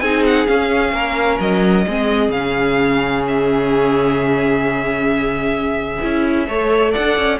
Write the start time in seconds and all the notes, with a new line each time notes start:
0.00 C4 D#4 G#4 G#5
0.26 F#5
0.47 C#4 F5
0.93 A#3 A#4
1.40 F#3 D#5
1.85 G#3 C4 G#4
2.29 C#3 C#4 F5
3.28 E5
6.02 C#4 E4
6.47 A3 A4 C#5
6.92 D4 D5 F#5
7.18 C#4